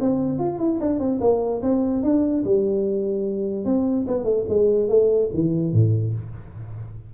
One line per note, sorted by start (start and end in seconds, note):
0.00 0.39 C4
0.39 0.58 F4
0.58 0.78 E4
0.80 0.99 D4
0.99 1.19 C4
1.20 1.61 A#3
1.62 2.02 C4
2.03 2.44 D4
2.44 3.65 G3
3.65 4.06 C4
4.07 4.24 B3
4.24 4.44 A3
4.48 4.88 G#3
4.88 5.29 A3
5.34 5.73 E3
5.73 6.13 A2